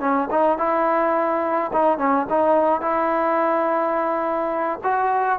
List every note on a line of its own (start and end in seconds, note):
0.00 0.28 C#4
0.31 0.58 D#4
0.58 1.72 E4
1.73 1.98 D#4
1.98 2.26 C#4
2.30 2.82 D#4
2.82 4.80 E4
4.84 5.39 F#4